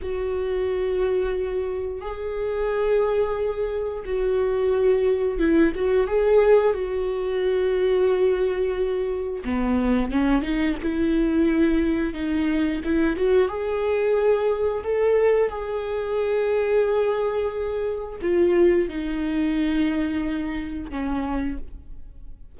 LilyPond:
\new Staff \with { instrumentName = "viola" } { \time 4/4 \tempo 4 = 89 fis'2. gis'4~ | gis'2 fis'2 | e'8 fis'8 gis'4 fis'2~ | fis'2 b4 cis'8 dis'8 |
e'2 dis'4 e'8 fis'8 | gis'2 a'4 gis'4~ | gis'2. f'4 | dis'2. cis'4 | }